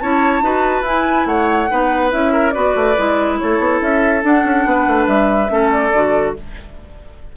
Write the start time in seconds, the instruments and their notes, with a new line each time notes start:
0.00 bassoon C#4, clarinet E4, oboe C#5, flute A5
0.42 bassoon D#4, clarinet F#4, oboe B4
0.82 bassoon E4, clarinet E4, flute G#5
1.26 bassoon A3, oboe C#5, flute F#5
1.69 bassoon B3, clarinet D#4, oboe B4
2.10 bassoon C#4, clarinet E4, flute E5
2.32 oboe A#4
2.51 bassoon B3, clarinet F#4, oboe B4, flute D5
2.75 bassoon A3
2.97 bassoon G#3, clarinet E4
3.38 bassoon A3, oboe A4, flute C#5
3.59 bassoon B3
3.81 bassoon C#4, flute E5
4.23 clarinet D4, bassoon D4, flute F#5
4.44 bassoon C#4
4.65 bassoon B3, oboe B4
4.87 bassoon A3
5.07 bassoon G3, flute E5
5.48 bassoon A3, clarinet C#4, oboe A4
5.71 flute D5
5.93 bassoon D3, clarinet F#4